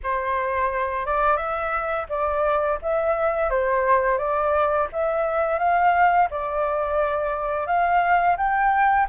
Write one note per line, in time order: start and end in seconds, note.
0.03 1.06 C5
1.06 1.36 D5
1.36 2.06 E5
2.09 2.78 D5
2.82 3.49 E5
3.49 4.17 C5
4.17 4.87 D5
4.92 5.58 E5
5.58 6.28 F5
6.30 7.66 D5
7.66 8.36 F5
8.37 9.06 G5